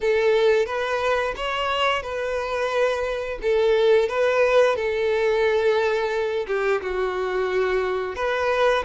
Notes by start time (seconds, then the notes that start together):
0.00 A4
0.66 B4
1.36 C#5
2.02 B4
3.42 A4
4.08 B4
4.76 A4
6.47 G4
6.81 F#4
8.15 B4